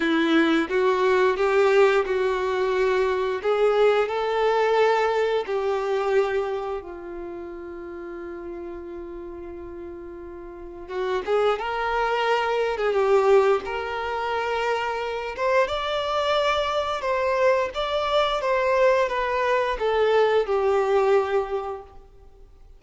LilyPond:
\new Staff \with { instrumentName = "violin" } { \time 4/4 \tempo 4 = 88 e'4 fis'4 g'4 fis'4~ | fis'4 gis'4 a'2 | g'2 f'2~ | f'1 |
fis'8 gis'8 ais'4.~ ais'16 gis'16 g'4 | ais'2~ ais'8 c''8 d''4~ | d''4 c''4 d''4 c''4 | b'4 a'4 g'2 | }